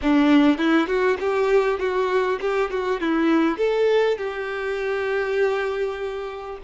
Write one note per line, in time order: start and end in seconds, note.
0.01 0.58 D4
0.58 0.87 E4
0.87 1.17 F#4
1.20 1.79 G4
1.79 2.39 F#4
2.41 2.70 G4
2.70 3.00 F#4
3.00 3.57 E4
3.57 4.17 A4
4.17 6.57 G4